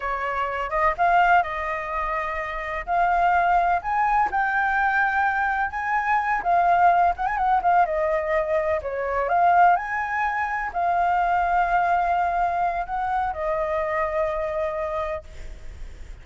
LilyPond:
\new Staff \with { instrumentName = "flute" } { \time 4/4 \tempo 4 = 126 cis''4. dis''8 f''4 dis''4~ | dis''2 f''2 | gis''4 g''2. | gis''4. f''4. fis''16 gis''16 fis''8 |
f''8 dis''2 cis''4 f''8~ | f''8 gis''2 f''4.~ | f''2. fis''4 | dis''1 | }